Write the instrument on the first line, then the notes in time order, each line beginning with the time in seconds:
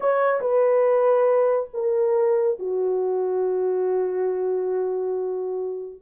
horn
0.00 C#5
0.41 B4
1.73 A#4
2.59 F#4